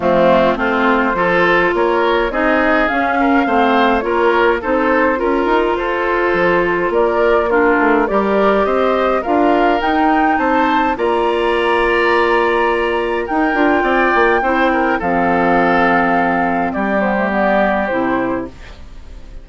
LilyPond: <<
  \new Staff \with { instrumentName = "flute" } { \time 4/4 \tempo 4 = 104 f'4 c''2 cis''4 | dis''4 f''2 cis''4 | c''4 ais'4 c''2 | d''4 ais'4 d''4 dis''4 |
f''4 g''4 a''4 ais''4~ | ais''2. g''4~ | g''2 f''2~ | f''4 d''8 c''8 d''4 c''4 | }
  \new Staff \with { instrumentName = "oboe" } { \time 4/4 c'4 f'4 a'4 ais'4 | gis'4. ais'8 c''4 ais'4 | a'4 ais'4 a'2 | ais'4 f'4 ais'4 c''4 |
ais'2 c''4 d''4~ | d''2. ais'4 | d''4 c''8 ais'8 a'2~ | a'4 g'2. | }
  \new Staff \with { instrumentName = "clarinet" } { \time 4/4 a4 c'4 f'2 | dis'4 cis'4 c'4 f'4 | dis'4 f'2.~ | f'4 d'4 g'2 |
f'4 dis'2 f'4~ | f'2. dis'8 f'8~ | f'4 e'4 c'2~ | c'4. b16 a16 b4 e'4 | }
  \new Staff \with { instrumentName = "bassoon" } { \time 4/4 f4 a4 f4 ais4 | c'4 cis'4 a4 ais4 | c'4 cis'8 dis'8 f'4 f4 | ais4. a8 g4 c'4 |
d'4 dis'4 c'4 ais4~ | ais2. dis'8 d'8 | c'8 ais8 c'4 f2~ | f4 g2 c4 | }
>>